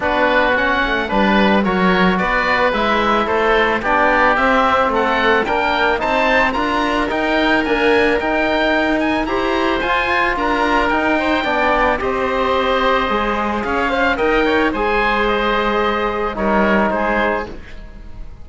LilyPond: <<
  \new Staff \with { instrumentName = "oboe" } { \time 4/4 \tempo 4 = 110 b'4 fis''4 b'4 cis''4 | d''4 e''4 c''4 d''4 | e''4 fis''4 g''4 a''4 | ais''4 g''4 gis''4 g''4~ |
g''8 gis''8 ais''4 gis''4 ais''4 | g''2 dis''2~ | dis''4 f''4 g''4 gis''4 | dis''2 cis''4 c''4 | }
  \new Staff \with { instrumentName = "oboe" } { \time 4/4 fis'2 b'4 ais'4 | b'2 a'4 g'4~ | g'4 a'4 ais'4 c''4 | ais'1~ |
ais'4 c''2 ais'4~ | ais'8 c''8 d''4 c''2~ | c''4 cis''8 f''8 dis''8 cis''8 c''4~ | c''2 ais'4 gis'4 | }
  \new Staff \with { instrumentName = "trombone" } { \time 4/4 d'4 cis'4 d'4 fis'4~ | fis'4 e'2 d'4 | c'2 d'4 dis'4 | f'4 dis'4 ais4 dis'4~ |
dis'4 g'4 f'2 | dis'4 d'4 g'2 | gis'4. c''8 ais'4 gis'4~ | gis'2 dis'2 | }
  \new Staff \with { instrumentName = "cello" } { \time 4/4 b4. a8 g4 fis4 | b4 gis4 a4 b4 | c'4 a4 ais4 c'4 | d'4 dis'4 d'4 dis'4~ |
dis'4 e'4 f'4 d'4 | dis'4 b4 c'2 | gis4 cis'4 dis'4 gis4~ | gis2 g4 gis4 | }
>>